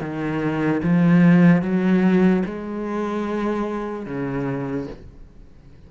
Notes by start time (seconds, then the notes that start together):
0.00 D#3
0.83 F3
1.61 F#3
2.45 G#3
4.05 C#3